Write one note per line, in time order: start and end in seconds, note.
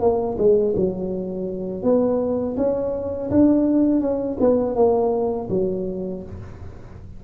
0.00 0.37 A#3
0.38 0.74 G#3
0.76 1.83 F#3
1.83 2.56 B3
2.57 3.30 C#4
3.30 4.00 D4
4.00 4.37 C#4
4.40 4.75 B3
4.75 5.48 A#3
5.49 6.22 F#3